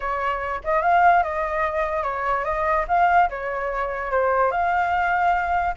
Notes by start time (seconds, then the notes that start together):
0.00 C#5
0.64 D#5
0.81 F5
1.23 D#5
2.03 C#5
2.44 D#5
2.88 F5
3.29 C#5
4.11 C5
4.51 F5